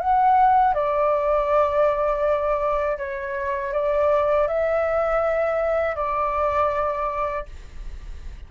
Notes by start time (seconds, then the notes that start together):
0.00 F#5
0.74 D5
2.98 C#5
3.73 D5
4.48 E5
5.96 D5